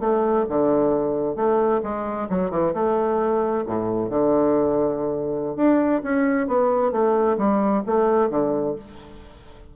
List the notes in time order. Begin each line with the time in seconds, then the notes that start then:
0.00 A3
0.49 D3
1.36 A3
1.83 G#3
2.29 F#3
2.51 E3
2.74 A3
3.66 A2
4.10 D3
5.56 D4
6.03 C#4
6.48 B3
6.92 A3
7.38 G3
7.86 A3
8.30 D3